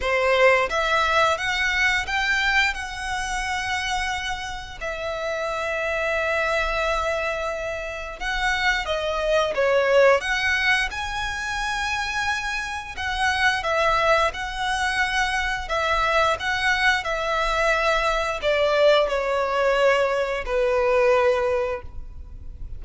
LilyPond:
\new Staff \with { instrumentName = "violin" } { \time 4/4 \tempo 4 = 88 c''4 e''4 fis''4 g''4 | fis''2. e''4~ | e''1 | fis''4 dis''4 cis''4 fis''4 |
gis''2. fis''4 | e''4 fis''2 e''4 | fis''4 e''2 d''4 | cis''2 b'2 | }